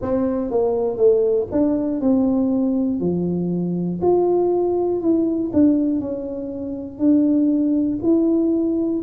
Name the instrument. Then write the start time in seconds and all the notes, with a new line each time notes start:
tuba
0.01 C4
0.50 A#3
0.97 A3
1.51 D4
2.00 C4
3.00 F3
4.01 F4
5.00 E4
5.53 D4
6.00 C#4
6.99 D4
8.02 E4